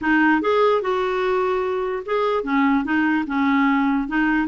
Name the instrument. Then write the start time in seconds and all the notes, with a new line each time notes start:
clarinet
0.01 D#4
0.41 G#4
0.81 F#4
2.05 G#4
2.43 C#4
2.84 D#4
3.26 C#4
4.07 D#4